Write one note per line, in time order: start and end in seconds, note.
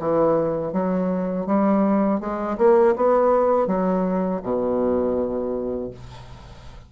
0.00 0.73 E3
0.73 1.47 F#3
1.47 2.21 G3
2.21 2.58 G#3
2.58 2.95 A#3
2.96 3.68 B3
3.68 4.42 F#3
4.43 5.91 B2